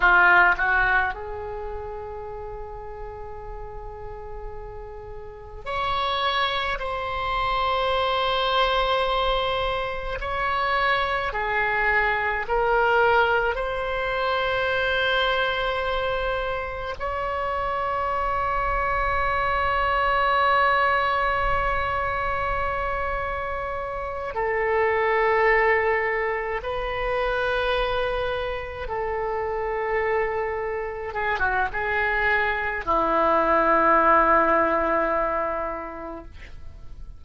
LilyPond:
\new Staff \with { instrumentName = "oboe" } { \time 4/4 \tempo 4 = 53 f'8 fis'8 gis'2.~ | gis'4 cis''4 c''2~ | c''4 cis''4 gis'4 ais'4 | c''2. cis''4~ |
cis''1~ | cis''4. a'2 b'8~ | b'4. a'2 gis'16 fis'16 | gis'4 e'2. | }